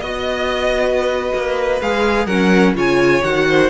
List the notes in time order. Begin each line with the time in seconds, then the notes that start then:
0.00 B3 F#4 D#5
0.84 B4
1.34 A#3
1.81 G#3 G#4 F5
2.26 F#3 C#4 A#4 F#5
2.74 C#3 F4 C#5 G#5
3.23 D#3 F#4 F#5
3.49 C5